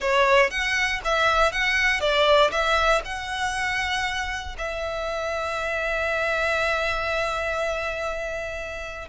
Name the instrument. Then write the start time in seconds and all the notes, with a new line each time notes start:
violin
0.00 C#5
0.50 F#5
1.04 E5
1.52 F#5
2.00 D5
2.51 E5
3.05 F#5
4.57 E5